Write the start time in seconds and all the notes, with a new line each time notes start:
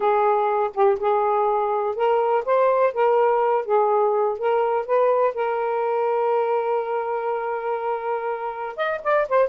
0.00 G#4
0.74 G4
0.99 G#4
1.95 A#4
2.45 C5
2.93 A#4
3.65 G#4
4.38 A#4
4.85 B4
5.34 A#4
8.76 D#5
9.03 D5
9.28 C5